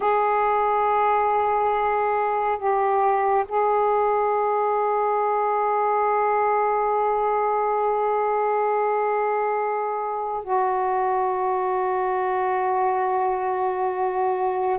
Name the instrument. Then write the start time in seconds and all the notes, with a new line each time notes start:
saxophone
0.00 G#4
2.58 G4
3.48 G#4
10.43 F#4